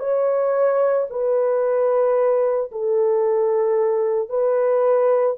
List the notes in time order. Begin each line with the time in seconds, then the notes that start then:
0.00 C#5
1.11 B4
2.72 A4
4.30 B4